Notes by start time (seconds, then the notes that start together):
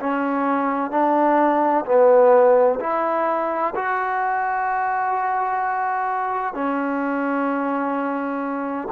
0.00 C#4
0.91 D4
1.86 B3
2.80 E4
3.75 F#4
6.55 C#4